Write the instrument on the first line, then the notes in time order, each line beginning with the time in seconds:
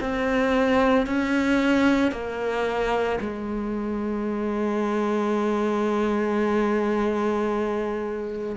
cello
0.00 C4
1.06 C#4
2.11 A#3
3.20 G#3